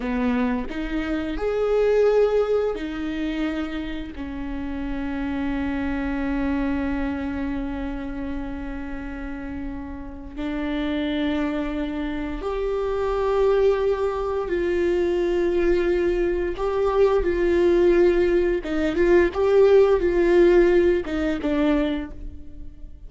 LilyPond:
\new Staff \with { instrumentName = "viola" } { \time 4/4 \tempo 4 = 87 b4 dis'4 gis'2 | dis'2 cis'2~ | cis'1~ | cis'2. d'4~ |
d'2 g'2~ | g'4 f'2. | g'4 f'2 dis'8 f'8 | g'4 f'4. dis'8 d'4 | }